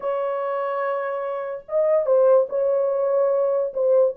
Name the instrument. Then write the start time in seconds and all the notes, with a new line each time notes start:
horn
0.00 C#5
1.68 D#5
2.06 C5
2.49 C#5
3.73 C5